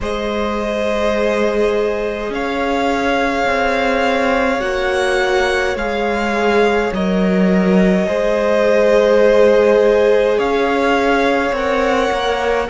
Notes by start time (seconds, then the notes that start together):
0.00 G#3 G#4 C5 D#5
2.29 C#4 C#5 F5
3.45 C4
4.59 A#3 F#4 F#5
5.75 G#3 G#4 F5
6.92 F#3 A#4 D#5
8.07 G#3 G#4 C5
10.37 C#4 C#5 F5
11.51 C4 A#4 F#5
12.11 A#3